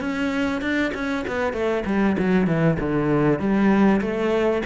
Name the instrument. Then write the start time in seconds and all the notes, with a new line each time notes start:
cello
0.00 C#4
0.61 D4
0.94 C#4
1.27 B3
1.53 A3
1.86 G3
2.18 F#3
2.47 E3
2.80 D3
3.39 G3
4.01 A3